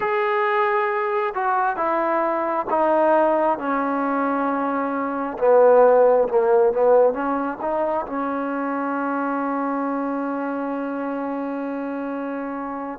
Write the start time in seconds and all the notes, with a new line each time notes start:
0.00 G#4
1.34 F#4
1.76 E4
2.69 D#4
3.58 C#4
5.38 B3
6.28 A#3
6.72 B3
7.13 C#4
7.61 D#4
8.06 C#4